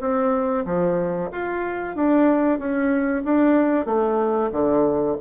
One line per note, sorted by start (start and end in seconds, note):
0.00 0.65 C4
0.65 1.30 F3
1.31 1.95 F4
1.95 2.58 D4
2.58 3.23 C#4
3.24 3.85 D4
3.85 4.50 A3
4.52 5.16 D3